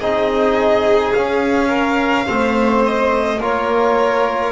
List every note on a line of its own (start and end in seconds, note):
0.00 1.14 C4
0.00 1.15 D#4
0.00 1.68 G#4
0.00 1.13 D#5
1.13 2.28 C#4
1.13 2.26 C#4
1.13 2.83 F5
1.68 2.25 A#4
2.26 3.39 A3
2.26 3.39 C4
2.26 3.40 C5
2.86 3.42 D#5
3.39 4.52 A#3
3.39 4.52 F4
3.39 4.52 A#4
3.39 4.52 C#5